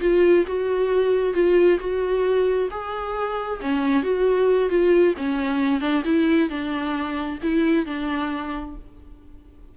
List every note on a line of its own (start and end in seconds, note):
0.00 0.45 F4
0.47 1.34 F#4
1.34 1.78 F4
1.79 2.69 F#4
2.70 3.60 G#4
3.61 4.03 C#4
4.03 4.69 F#4
4.69 5.14 F4
5.17 5.80 C#4
5.80 6.03 D4
6.04 6.49 E4
6.49 7.38 D4
7.42 7.86 E4
7.86 8.75 D4